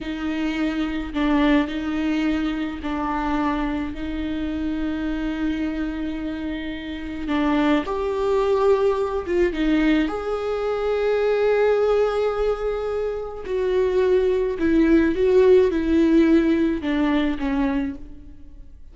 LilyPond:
\new Staff \with { instrumentName = "viola" } { \time 4/4 \tempo 4 = 107 dis'2 d'4 dis'4~ | dis'4 d'2 dis'4~ | dis'1~ | dis'4 d'4 g'2~ |
g'8 f'8 dis'4 gis'2~ | gis'1 | fis'2 e'4 fis'4 | e'2 d'4 cis'4 | }